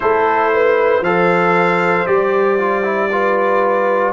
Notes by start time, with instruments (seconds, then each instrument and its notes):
0.00 tuba A3, trombone E4, horn A4, trumpet C5
0.53 horn B4
1.00 tuba F3, trombone A4, horn C5, trumpet F5
2.06 tuba G3, trombone G4, trumpet D5
2.58 trombone F4
2.83 trombone E4
3.11 trombone F4, horn B4